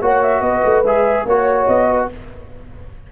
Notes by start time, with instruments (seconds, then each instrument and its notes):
0.00 tuba A#3, trombone F#4, horn C#5, flute F#5
0.21 flute E5
0.40 tuba B3, horn B4, flute D#5
0.65 tuba A3
0.83 tuba G#3, trombone G#4, flute E5
1.25 tuba A#3, trombone F#4, flute C#5, horn C#5
1.66 tuba B3, flute D#5
1.89 horn B4